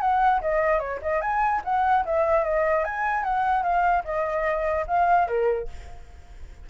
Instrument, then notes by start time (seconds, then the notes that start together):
flute
0.00 F#5
0.41 D#5
0.79 C#5
1.02 D#5
1.21 G#5
1.64 F#5
2.05 E5
2.44 D#5
2.84 G#5
3.23 F#5
3.62 F5
4.04 D#5
4.87 F5
5.27 A#4